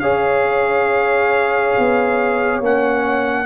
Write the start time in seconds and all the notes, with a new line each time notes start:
0.00 C#4 G#4 C#5 F5
1.78 B3
2.61 A#3 C#4 F#5